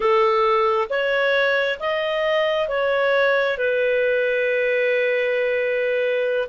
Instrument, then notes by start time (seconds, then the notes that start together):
clarinet
0.00 A4
0.90 C#5
1.79 D#5
2.68 C#5
3.57 B4